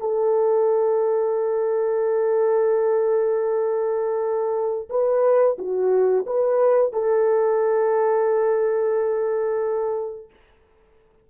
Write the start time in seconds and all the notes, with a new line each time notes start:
0.00 A4
4.90 B4
5.58 F#4
6.26 B4
6.93 A4